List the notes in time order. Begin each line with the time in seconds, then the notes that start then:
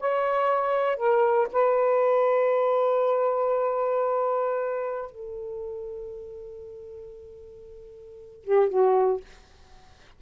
0.00 C#5
0.97 A#4
1.53 B4
5.11 A4
8.45 G4
8.69 F#4